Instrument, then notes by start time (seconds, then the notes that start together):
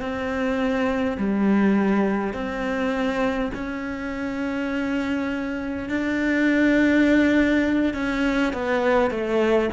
cello
0.00 C4
1.17 G3
2.33 C4
3.54 C#4
5.89 D4
7.94 C#4
8.52 B3
9.10 A3